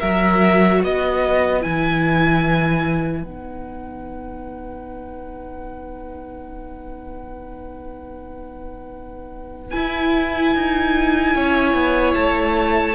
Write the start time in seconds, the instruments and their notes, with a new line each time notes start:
0.00 cello F#3, viola F#4, violin A#4 E5
0.80 cello B3, violin B4 D#5
1.60 cello E3, viola E4, violin G#5
3.23 cello B3, viola D#4, violin F#5
9.71 viola E4, cello E4, violin G#5
10.55 cello D#4
11.34 cello C#4, violin C#5
11.73 cello B3
12.14 cello A3, violin A5